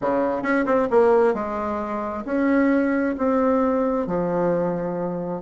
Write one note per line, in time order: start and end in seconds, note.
0.01 0.42 C#3
0.42 0.65 C#4
0.65 0.88 C4
0.90 1.33 A#3
1.33 2.24 G#3
2.25 3.15 C#4
3.17 4.06 C4
4.06 5.41 F3